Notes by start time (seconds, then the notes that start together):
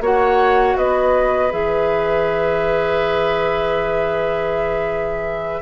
0.00 A#3 F#4 C#5 F#5
0.77 B3 B4 D#5
1.50 E3 G#4 E5